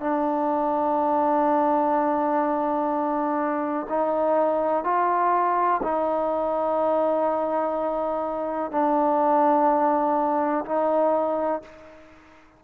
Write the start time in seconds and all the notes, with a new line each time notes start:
0.00 D4
3.89 D#4
4.84 F4
5.83 D#4
8.71 D4
10.66 D#4